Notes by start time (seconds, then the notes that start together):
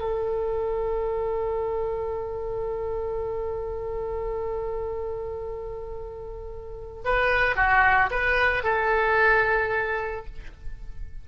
0.00 A4
7.04 B4
7.56 F#4
8.11 B4
8.63 A4